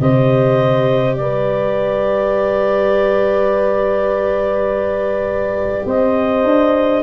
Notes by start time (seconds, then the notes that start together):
0.00 C3 G4 C5 D#5
1.15 G3 B4 D5
5.85 C4 C5 D#5
6.44 D4